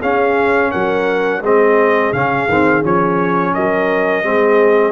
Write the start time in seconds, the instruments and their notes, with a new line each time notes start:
0.00 trombone C#4, tuba C#4, horn G#4, trumpet F5
0.71 tuba F#3, horn A#4, trumpet F#5
1.41 tuba G#3, trombone C4, horn G#4, trumpet D#5
2.12 tuba C#3, trombone C#4, trumpet F5
2.49 tuba D#3, trombone C4
2.83 tuba F3, trombone C#4, trumpet C#5
3.54 tuba F#3, horn A#4, trumpet D#5
4.24 tuba G#3, trombone C4, horn G#4